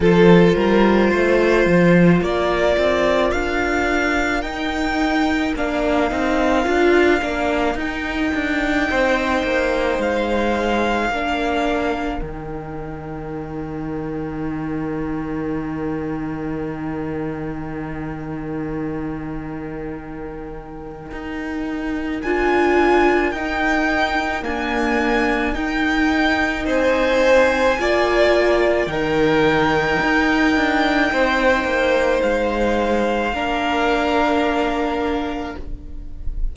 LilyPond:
<<
  \new Staff \with { instrumentName = "violin" } { \time 4/4 \tempo 4 = 54 c''2 d''4 f''4 | g''4 f''2 g''4~ | g''4 f''2 g''4~ | g''1~ |
g''1 | gis''4 g''4 gis''4 g''4 | gis''2 g''2~ | g''4 f''2. | }
  \new Staff \with { instrumentName = "violin" } { \time 4/4 a'8 ais'8 c''4 ais'2~ | ais'1 | c''2 ais'2~ | ais'1~ |
ais'1~ | ais'1 | c''4 d''4 ais'2 | c''2 ais'2 | }
  \new Staff \with { instrumentName = "viola" } { \time 4/4 f'1 | dis'4 d'8 dis'8 f'8 d'8 dis'4~ | dis'2 d'4 dis'4~ | dis'1~ |
dis'1 | f'4 dis'4 ais4 dis'4~ | dis'4 f'4 dis'2~ | dis'2 d'2 | }
  \new Staff \with { instrumentName = "cello" } { \time 4/4 f8 g8 a8 f8 ais8 c'8 d'4 | dis'4 ais8 c'8 d'8 ais8 dis'8 d'8 | c'8 ais8 gis4 ais4 dis4~ | dis1~ |
dis2. dis'4 | d'4 dis'4 d'4 dis'4 | c'4 ais4 dis4 dis'8 d'8 | c'8 ais8 gis4 ais2 | }
>>